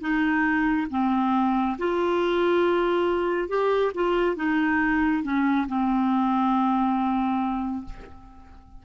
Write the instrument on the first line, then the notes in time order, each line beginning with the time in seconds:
clarinet
0.00 D#4
0.90 C4
1.78 F4
3.48 G4
3.94 F4
4.36 D#4
5.23 C#4
5.67 C4